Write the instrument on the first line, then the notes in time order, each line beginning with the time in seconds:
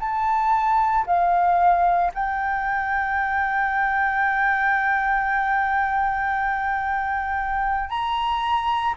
flute
0.00 A5
1.07 F5
2.14 G5
7.89 A#5